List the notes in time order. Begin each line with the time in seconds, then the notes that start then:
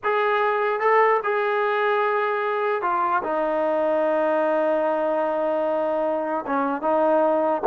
0.03 G#4
0.80 A4
1.23 G#4
2.82 F4
3.23 D#4
6.46 C#4
6.81 D#4